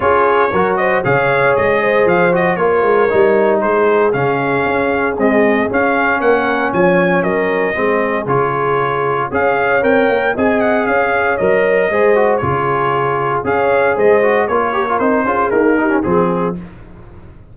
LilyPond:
<<
  \new Staff \with { instrumentName = "trumpet" } { \time 4/4 \tempo 4 = 116 cis''4. dis''8 f''4 dis''4 | f''8 dis''8 cis''2 c''4 | f''2 dis''4 f''4 | fis''4 gis''4 dis''2 |
cis''2 f''4 g''4 | gis''8 fis''8 f''4 dis''2 | cis''2 f''4 dis''4 | cis''4 c''4 ais'4 gis'4 | }
  \new Staff \with { instrumentName = "horn" } { \time 4/4 gis'4 ais'8 c''8 cis''4. c''8~ | c''4 ais'2 gis'4~ | gis'1 | ais'4 cis''4 ais'4 gis'4~ |
gis'2 cis''2 | dis''4 cis''2 c''4 | gis'2 cis''4 c''4 | ais'4. gis'4 g'8 gis'4 | }
  \new Staff \with { instrumentName = "trombone" } { \time 4/4 f'4 fis'4 gis'2~ | gis'8 fis'8 f'4 dis'2 | cis'2 gis4 cis'4~ | cis'2. c'4 |
f'2 gis'4 ais'4 | gis'2 ais'4 gis'8 fis'8 | f'2 gis'4. fis'8 | f'8 g'16 f'16 dis'8 f'8 ais8 dis'16 cis'16 c'4 | }
  \new Staff \with { instrumentName = "tuba" } { \time 4/4 cis'4 fis4 cis4 gis4 | f4 ais8 gis8 g4 gis4 | cis4 cis'4 c'4 cis'4 | ais4 f4 fis4 gis4 |
cis2 cis'4 c'8 ais8 | c'4 cis'4 fis4 gis4 | cis2 cis'4 gis4 | ais4 c'8 cis'8 dis'4 f4 | }
>>